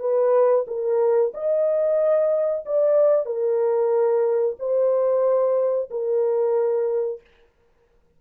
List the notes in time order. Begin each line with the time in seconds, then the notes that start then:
0.00 B4
0.67 A#4
1.34 D#5
2.66 D5
3.26 A#4
4.59 C5
5.91 A#4